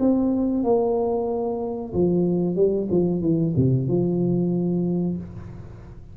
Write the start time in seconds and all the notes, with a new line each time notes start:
0.00 C4
0.64 A#3
1.94 F3
2.56 G3
2.91 F3
3.22 E3
3.56 C3
3.88 F3